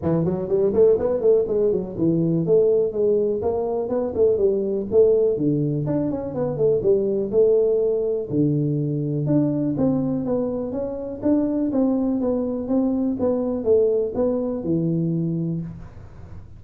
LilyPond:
\new Staff \with { instrumentName = "tuba" } { \time 4/4 \tempo 4 = 123 e8 fis8 g8 a8 b8 a8 gis8 fis8 | e4 a4 gis4 ais4 | b8 a8 g4 a4 d4 | d'8 cis'8 b8 a8 g4 a4~ |
a4 d2 d'4 | c'4 b4 cis'4 d'4 | c'4 b4 c'4 b4 | a4 b4 e2 | }